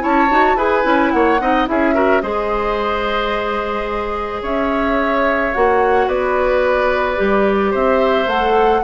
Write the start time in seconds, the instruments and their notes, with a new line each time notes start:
0.00 bassoon C#4, clarinet E4, oboe C#5, flute A5
0.31 bassoon D#4, clarinet F#4
0.56 bassoon E4, clarinet G#4, oboe B4, flute G#5
0.83 bassoon C#4, clarinet E4
1.12 bassoon A#3, oboe C#5, flute F#5
1.40 bassoon C4, clarinet D#4, oboe D#5
1.67 bassoon C#4, clarinet E4, oboe G#4, flute E5
1.95 clarinet F#4, oboe A#4
2.21 bassoon G#3, clarinet G#4, oboe C5, flute D#5
4.42 bassoon C#4, oboe C#5, flute E5
5.54 bassoon A#3, clarinet F#4, flute F#5
6.07 bassoon B3, oboe B4, flute D5
7.16 bassoon G3, clarinet G4
7.71 bassoon C4, oboe C5, flute E5
8.27 bassoon A3, clarinet A4, flute F#5